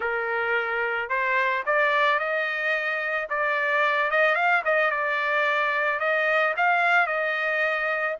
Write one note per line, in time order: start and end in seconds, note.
0.00 1.09 A#4
1.09 1.63 C5
1.66 2.19 D5
2.19 3.28 D#5
3.29 4.10 D5
4.10 4.35 D#5
4.35 4.62 F5
4.64 4.90 D#5
4.90 5.99 D5
5.99 6.54 D#5
6.56 7.06 F5
7.06 8.15 D#5